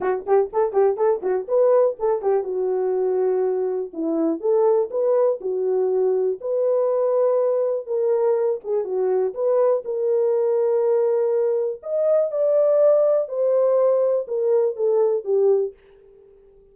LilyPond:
\new Staff \with { instrumentName = "horn" } { \time 4/4 \tempo 4 = 122 fis'8 g'8 a'8 g'8 a'8 fis'8 b'4 | a'8 g'8 fis'2. | e'4 a'4 b'4 fis'4~ | fis'4 b'2. |
ais'4. gis'8 fis'4 b'4 | ais'1 | dis''4 d''2 c''4~ | c''4 ais'4 a'4 g'4 | }